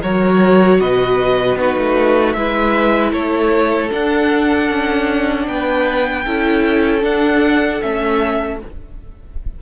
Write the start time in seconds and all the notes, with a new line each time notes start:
0.00 F#3 F#4 A#4 C#5
0.80 B2 B4 D#5
1.56 B3 D#4 F#4 B4
1.78 A3
2.33 G#3 E4 B4 E5
3.12 A3 A4 C#5
3.92 D4 F#5
4.70 C#4
5.48 B3 B4 G5
6.25 C#4 E4 A4
7.01 D4 F#5
7.81 A3 C#4 E5